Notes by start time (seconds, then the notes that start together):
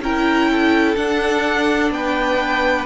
0.00 C#4 E4 A#4 G5
0.51 A4
0.96 D4 F#5
1.90 B3 B4 G5